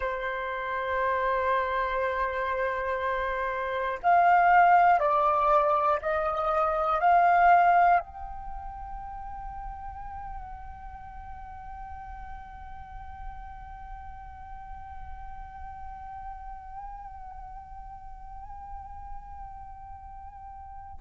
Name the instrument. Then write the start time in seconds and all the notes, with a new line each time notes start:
flute
0.00 C5
4.03 F5
5.00 D5
6.01 D#5
7.00 F5
8.00 G5